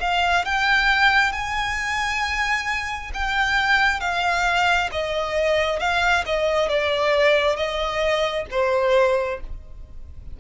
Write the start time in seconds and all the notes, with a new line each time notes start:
0.00 F5
0.45 G5
1.32 G#5
3.14 G5
4.00 F5
4.92 D#5
5.79 F5
6.26 D#5
6.68 D5
7.56 D#5
8.51 C5